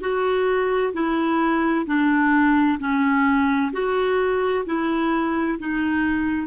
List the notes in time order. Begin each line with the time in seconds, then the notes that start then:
0.00 F#4
0.93 E4
1.86 D4
2.79 C#4
3.72 F#4
4.65 E4
5.58 D#4